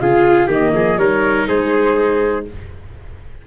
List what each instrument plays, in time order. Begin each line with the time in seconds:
0.00 tuba C#3, viola F4, trumpet G#4, flute F5
0.47 tuba D#3, viola A#3, trumpet G4, flute D#5
0.72 tuba F3, trumpet G#4
0.96 tuba G3, viola D#4, trumpet A#4, flute C#5
1.48 tuba G#3, trumpet G#4, flute C5